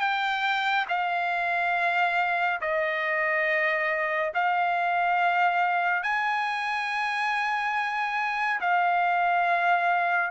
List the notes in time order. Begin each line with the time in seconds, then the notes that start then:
0.00 G5
0.88 F5
2.61 D#5
4.34 F5
6.03 G#5
8.60 F5